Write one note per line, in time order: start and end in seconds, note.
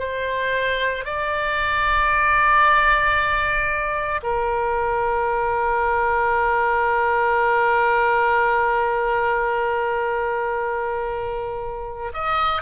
0.00 1.05 C5
1.05 4.21 D5
4.23 12.13 A#4
12.14 12.62 D#5